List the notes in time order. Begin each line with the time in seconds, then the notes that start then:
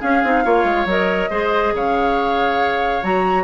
0.00 C#4 G#4 F5
0.24 C4 D#4
0.45 A#3 F4 C#5
0.64 G#3
0.86 F#3 A#4 D#5
1.30 G#3 G#4 C5
1.74 C#3 C#5 F5
3.03 F#3 F#4 A#5